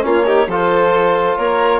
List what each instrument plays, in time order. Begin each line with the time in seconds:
0.00 bassoon A#3, trombone C#4, violin F4
0.07 clarinet C#5
0.26 trombone D#4, violin G4
0.47 bassoon F3, trombone F4, violin A4, clarinet C5
1.38 bassoon A#3, violin A#4, clarinet C#5